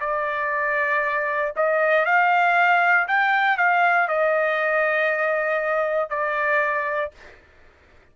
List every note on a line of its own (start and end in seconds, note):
0.00 1.53 D5
1.56 2.05 D#5
2.05 3.07 F5
3.08 3.58 G5
3.58 4.09 F5
4.09 6.10 D#5
6.10 7.11 D5